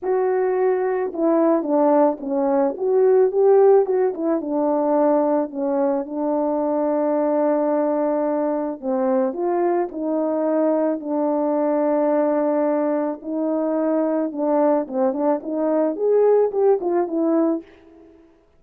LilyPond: \new Staff \with { instrumentName = "horn" } { \time 4/4 \tempo 4 = 109 fis'2 e'4 d'4 | cis'4 fis'4 g'4 fis'8 e'8 | d'2 cis'4 d'4~ | d'1 |
c'4 f'4 dis'2 | d'1 | dis'2 d'4 c'8 d'8 | dis'4 gis'4 g'8 f'8 e'4 | }